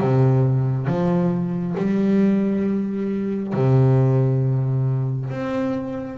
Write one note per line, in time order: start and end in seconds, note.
0.00 0.87 C3
0.87 1.75 F3
1.77 3.54 G3
3.54 5.30 C3
5.30 6.18 C4